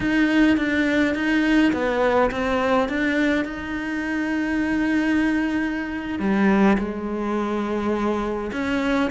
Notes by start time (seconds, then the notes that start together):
0.00 D#4
0.57 D4
1.14 D#4
1.72 B3
2.31 C4
2.88 D4
3.45 D#4
6.19 G3
6.78 G#3
8.52 C#4